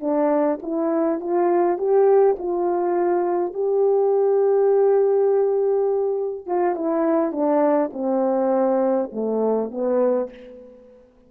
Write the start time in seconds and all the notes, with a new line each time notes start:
0.00 D4
0.62 E4
1.20 F4
1.78 G4
2.38 F4
3.53 G4
6.46 F4
6.75 E4
7.32 D4
7.93 C4
9.12 A3
9.71 B3